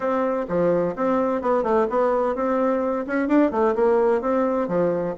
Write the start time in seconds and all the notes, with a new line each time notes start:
0.00 C4
0.48 F3
0.95 C4
1.41 B3
1.63 A3
1.89 B3
2.35 C4
3.06 C#4
3.27 D4
3.51 A3
3.75 A#3
4.21 C4
4.68 F3